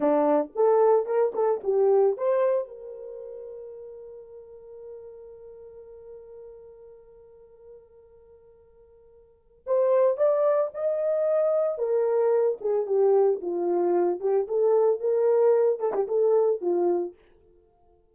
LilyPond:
\new Staff \with { instrumentName = "horn" } { \time 4/4 \tempo 4 = 112 d'4 a'4 ais'8 a'8 g'4 | c''4 ais'2.~ | ais'1~ | ais'1~ |
ais'2 c''4 d''4 | dis''2 ais'4. gis'8 | g'4 f'4. g'8 a'4 | ais'4. a'16 g'16 a'4 f'4 | }